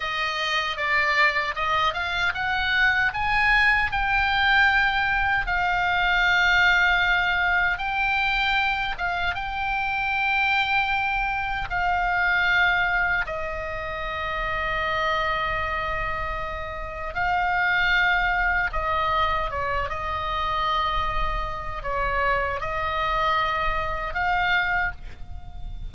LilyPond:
\new Staff \with { instrumentName = "oboe" } { \time 4/4 \tempo 4 = 77 dis''4 d''4 dis''8 f''8 fis''4 | gis''4 g''2 f''4~ | f''2 g''4. f''8 | g''2. f''4~ |
f''4 dis''2.~ | dis''2 f''2 | dis''4 cis''8 dis''2~ dis''8 | cis''4 dis''2 f''4 | }